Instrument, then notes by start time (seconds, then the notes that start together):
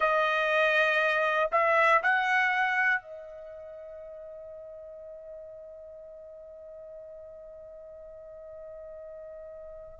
trumpet
0.00 D#5
1.51 E5
2.03 F#5
3.01 D#5